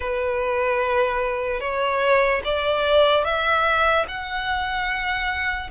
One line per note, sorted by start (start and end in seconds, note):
0.00 1.60 B4
1.60 2.41 C#5
2.44 3.24 D5
3.24 4.05 E5
4.08 5.70 F#5